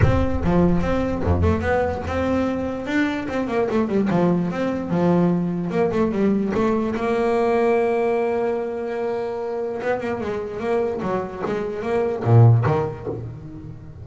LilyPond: \new Staff \with { instrumentName = "double bass" } { \time 4/4 \tempo 4 = 147 c'4 f4 c'4 f,8 a8 | b4 c'2 d'4 | c'8 ais8 a8 g8 f4 c'4 | f2 ais8 a8 g4 |
a4 ais2.~ | ais1 | b8 ais8 gis4 ais4 fis4 | gis4 ais4 ais,4 dis4 | }